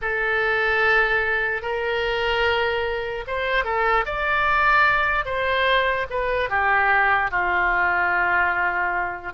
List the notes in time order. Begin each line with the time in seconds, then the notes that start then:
0.01 A4
1.62 A#4
3.27 C5
3.64 A4
4.05 D5
5.25 C5
6.10 B4
6.49 G4
7.30 F4